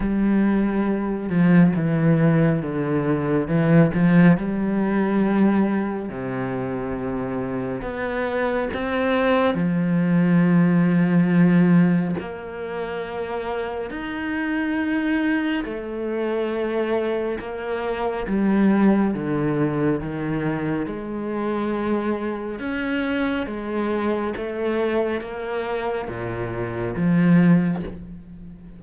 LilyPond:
\new Staff \with { instrumentName = "cello" } { \time 4/4 \tempo 4 = 69 g4. f8 e4 d4 | e8 f8 g2 c4~ | c4 b4 c'4 f4~ | f2 ais2 |
dis'2 a2 | ais4 g4 d4 dis4 | gis2 cis'4 gis4 | a4 ais4 ais,4 f4 | }